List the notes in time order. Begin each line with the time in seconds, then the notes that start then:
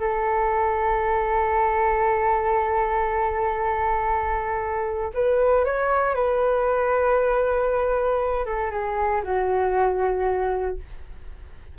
0.00 A4
5.14 B4
5.65 C#5
6.15 B4
8.45 A4
8.71 G#4
9.23 F#4